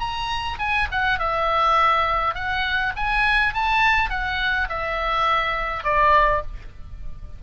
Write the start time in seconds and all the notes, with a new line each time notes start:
0.00 A#5
0.59 G#5
0.92 F#5
1.19 E5
2.35 F#5
2.97 G#5
3.54 A5
4.10 F#5
4.69 E5
5.84 D5